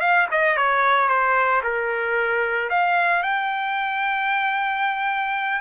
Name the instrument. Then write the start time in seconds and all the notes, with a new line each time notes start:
trumpet
0.00 F5
0.31 D#5
0.57 C#5
1.08 C5
1.63 A#4
2.69 F5
3.23 G5